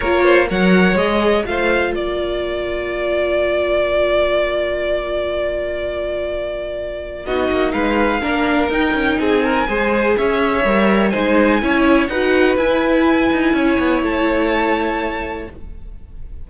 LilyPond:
<<
  \new Staff \with { instrumentName = "violin" } { \time 4/4 \tempo 4 = 124 cis''4 fis''4 dis''4 f''4 | d''1~ | d''1~ | d''2. dis''4 |
f''2 g''4 gis''4~ | gis''4 e''2 gis''4~ | gis''4 fis''4 gis''2~ | gis''4 a''2. | }
  \new Staff \with { instrumentName = "violin" } { \time 4/4 ais'8 c''8 cis''2 c''4 | ais'1~ | ais'1~ | ais'2. fis'4 |
b'4 ais'2 gis'8 ais'8 | c''4 cis''2 c''4 | cis''4 b'2. | cis''1 | }
  \new Staff \with { instrumentName = "viola" } { \time 4/4 f'4 ais'4 gis'4 f'4~ | f'1~ | f'1~ | f'2. dis'4~ |
dis'4 d'4 dis'2 | gis'2 ais'4 dis'4 | e'4 fis'4 e'2~ | e'1 | }
  \new Staff \with { instrumentName = "cello" } { \time 4/4 ais4 fis4 gis4 a4 | ais1~ | ais1~ | ais2. b8 ais8 |
gis4 ais4 dis'8 cis'8 c'4 | gis4 cis'4 g4 gis4 | cis'4 dis'4 e'4. dis'8 | cis'8 b8 a2. | }
>>